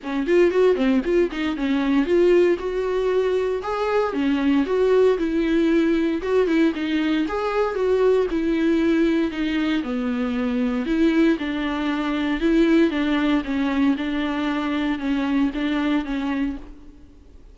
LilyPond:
\new Staff \with { instrumentName = "viola" } { \time 4/4 \tempo 4 = 116 cis'8 f'8 fis'8 c'8 f'8 dis'8 cis'4 | f'4 fis'2 gis'4 | cis'4 fis'4 e'2 | fis'8 e'8 dis'4 gis'4 fis'4 |
e'2 dis'4 b4~ | b4 e'4 d'2 | e'4 d'4 cis'4 d'4~ | d'4 cis'4 d'4 cis'4 | }